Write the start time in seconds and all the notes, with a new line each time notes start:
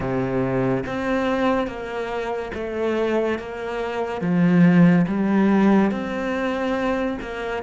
0.00 C3
0.86 C4
1.67 A#3
2.54 A3
3.38 A#3
4.21 F3
5.07 G3
5.91 C4
7.21 A#3